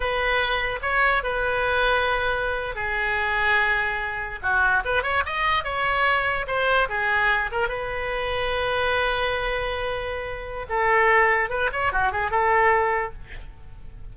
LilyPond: \new Staff \with { instrumentName = "oboe" } { \time 4/4 \tempo 4 = 146 b'2 cis''4 b'4~ | b'2~ b'8. gis'4~ gis'16~ | gis'2~ gis'8. fis'4 b'16~ | b'16 cis''8 dis''4 cis''2 c''16~ |
c''8. gis'4. ais'8 b'4~ b'16~ | b'1~ | b'2 a'2 | b'8 cis''8 fis'8 gis'8 a'2 | }